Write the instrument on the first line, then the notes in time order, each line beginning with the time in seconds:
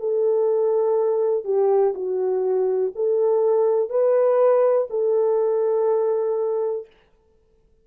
horn
0.00 A4
1.45 G4
1.95 F#4
2.96 A4
3.90 B4
4.90 A4